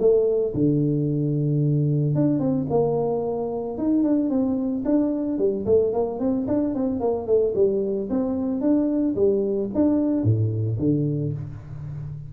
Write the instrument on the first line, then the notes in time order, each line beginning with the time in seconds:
tuba
0.00 A3
0.55 D3
2.15 D4
2.40 C4
2.70 A#3
3.78 D#4
4.04 D4
4.30 C4
4.86 D4
5.39 G3
5.66 A3
5.93 A#3
6.20 C4
6.48 D4
6.75 C4
7.00 A#3
7.27 A3
7.56 G3
8.10 C4
8.61 D4
9.16 G3
9.75 D4
10.24 A2
10.80 D3